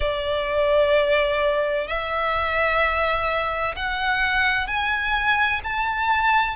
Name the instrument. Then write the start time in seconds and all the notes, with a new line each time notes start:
violin
0.00 D5
1.87 E5
3.76 F#5
4.67 G#5
5.63 A5